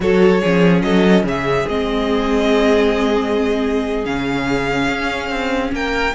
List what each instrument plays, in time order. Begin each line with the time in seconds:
0.00 cello F#3, viola F#4, violin A4 C#5
0.41 cello F3, viola C#4, violin G#4
0.82 cello F#3, violin A4 D#5
1.23 cello C#3, violin G#4 E5
1.68 cello G#3, viola C4, violin D#5
4.04 cello C#3, viola C#4, violin F5
4.88 cello C#4
5.29 cello C4
5.72 cello A#3, violin A#4 G5